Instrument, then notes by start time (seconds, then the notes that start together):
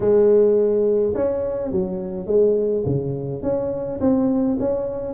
tuba
0.00 G#3
1.14 C#4
1.71 F#3
2.26 G#3
2.85 C#3
3.42 C#4
4.00 C4
4.59 C#4